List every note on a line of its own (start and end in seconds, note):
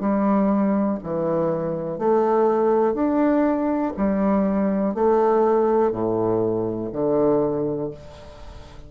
0.00 0.98 G3
1.03 1.98 E3
1.98 2.94 A3
2.94 3.92 D4
3.96 4.94 G3
4.94 5.91 A3
5.91 6.89 A2
6.92 7.90 D3